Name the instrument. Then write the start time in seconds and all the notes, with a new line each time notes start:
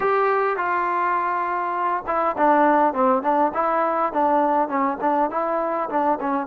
trombone
0.00 G4
0.56 F4
2.06 E4
2.37 D4
2.93 C4
3.22 D4
3.53 E4
4.12 D4
4.68 C#4
5.01 D4
5.30 E4
5.89 D4
6.20 C#4